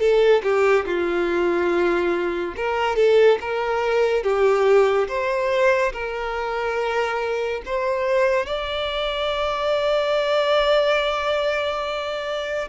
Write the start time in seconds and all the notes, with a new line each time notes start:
0.00 A4
0.43 G4
0.86 F4
2.57 A#4
2.97 A4
3.41 A#4
4.23 G4
5.08 C5
5.93 A#4
7.66 C5
8.46 D5